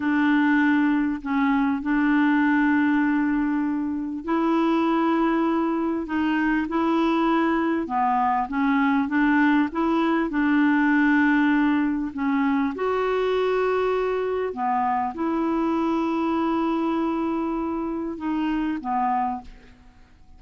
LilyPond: \new Staff \with { instrumentName = "clarinet" } { \time 4/4 \tempo 4 = 99 d'2 cis'4 d'4~ | d'2. e'4~ | e'2 dis'4 e'4~ | e'4 b4 cis'4 d'4 |
e'4 d'2. | cis'4 fis'2. | b4 e'2.~ | e'2 dis'4 b4 | }